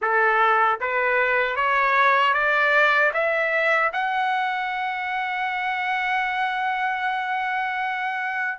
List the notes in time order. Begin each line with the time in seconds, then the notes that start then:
0.01 A4
0.80 B4
1.56 C#5
2.33 D5
3.13 E5
3.92 F#5